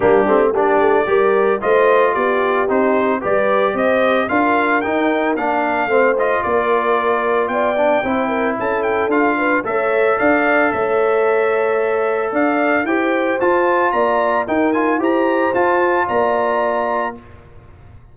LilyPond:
<<
  \new Staff \with { instrumentName = "trumpet" } { \time 4/4 \tempo 4 = 112 g'4 d''2 dis''4 | d''4 c''4 d''4 dis''4 | f''4 g''4 f''4. dis''8 | d''2 g''2 |
a''8 g''8 f''4 e''4 f''4 | e''2. f''4 | g''4 a''4 ais''4 g''8 gis''8 | ais''4 a''4 ais''2 | }
  \new Staff \with { instrumentName = "horn" } { \time 4/4 d'4 g'4 ais'4 c''4 | g'2 b'4 c''4 | ais'2. c''4 | ais'2 d''4 c''8 ais'8 |
a'4. b'8 cis''4 d''4 | cis''2. d''4 | c''2 d''4 ais'4 | c''2 d''2 | }
  \new Staff \with { instrumentName = "trombone" } { \time 4/4 ais8 c'8 d'4 g'4 f'4~ | f'4 dis'4 g'2 | f'4 dis'4 d'4 c'8 f'8~ | f'2~ f'8 d'8 e'4~ |
e'4 f'4 a'2~ | a'1 | g'4 f'2 dis'8 f'8 | g'4 f'2. | }
  \new Staff \with { instrumentName = "tuba" } { \time 4/4 g8 a8 ais8 a8 g4 a4 | b4 c'4 g4 c'4 | d'4 dis'4 ais4 a4 | ais2 b4 c'4 |
cis'4 d'4 a4 d'4 | a2. d'4 | e'4 f'4 ais4 dis'4 | e'4 f'4 ais2 | }
>>